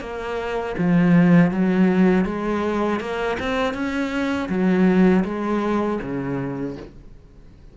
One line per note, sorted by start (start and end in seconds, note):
0.00 0.75 A#3
0.77 1.51 F3
1.51 2.25 F#3
2.25 3.00 G#3
3.00 3.37 A#3
3.39 3.73 C4
3.73 4.48 C#4
4.48 5.23 F#3
5.24 5.99 G#3
6.01 6.76 C#3